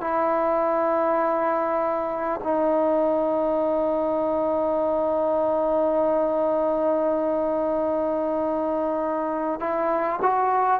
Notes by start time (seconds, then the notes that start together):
0.00 E4
2.43 D#4
9.59 E4
10.21 F#4